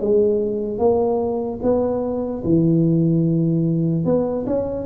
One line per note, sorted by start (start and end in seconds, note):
0.00 0.78 G#3
0.78 1.59 A#3
1.62 2.43 B3
2.44 4.04 E3
4.04 4.45 B3
4.46 4.86 C#4